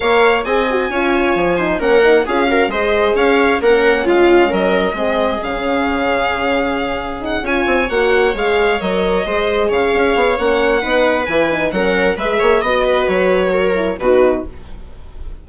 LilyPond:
<<
  \new Staff \with { instrumentName = "violin" } { \time 4/4 \tempo 4 = 133 f''4 gis''2. | fis''4 f''4 dis''4 f''4 | fis''4 f''4 dis''2 | f''1 |
fis''8 gis''4 fis''4 f''4 dis''8~ | dis''4. f''4. fis''4~ | fis''4 gis''4 fis''4 e''4 | dis''4 cis''2 b'4 | }
  \new Staff \with { instrumentName = "viola" } { \time 4/4 cis''4 dis''4 cis''4. c''8 | ais'4 gis'8 ais'8 c''4 cis''4 | ais'4 f'4 ais'4 gis'4~ | gis'1~ |
gis'8 cis''2.~ cis''8~ | cis''8 c''4 cis''2~ cis''8 | b'2 ais'4 b'8 cis''8 | dis''8 b'4. ais'4 fis'4 | }
  \new Staff \with { instrumentName = "horn" } { \time 4/4 ais'4 gis'8 fis'8 f'4. dis'8 | cis'8 dis'8 f'8 fis'8 gis'2 | cis'2. c'4 | cis'1 |
dis'8 f'4 fis'4 gis'4 ais'8~ | ais'8 gis'2~ gis'8 cis'4 | dis'4 e'8 dis'8 cis'4 gis'4 | fis'2~ fis'8 e'8 dis'4 | }
  \new Staff \with { instrumentName = "bassoon" } { \time 4/4 ais4 c'4 cis'4 f4 | ais4 cis'4 gis4 cis'4 | ais4 gis4 fis4 gis4 | cis1~ |
cis8 cis'8 c'8 ais4 gis4 fis8~ | fis8 gis4 cis8 cis'8 b8 ais4 | b4 e4 fis4 gis8 ais8 | b4 fis2 b,4 | }
>>